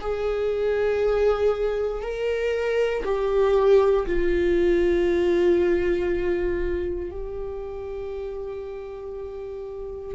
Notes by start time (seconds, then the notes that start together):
0.00 G#4
2.02 A#4
3.04 G4
4.06 F4
7.10 G4